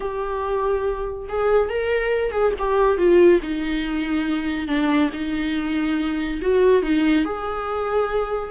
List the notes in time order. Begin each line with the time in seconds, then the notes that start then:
0.00 G4
1.28 G#4
1.69 A#4
2.31 G#4
2.58 G4
2.97 F4
3.42 D#4
4.67 D4
5.12 D#4
6.41 F#4
6.82 D#4
7.25 G#4